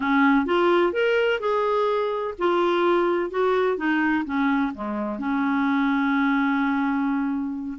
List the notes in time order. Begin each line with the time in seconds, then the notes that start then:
0.00 C#4
0.45 F4
0.93 A#4
1.40 G#4
2.38 F4
3.30 F#4
3.77 D#4
4.25 C#4
4.74 G#3
5.18 C#4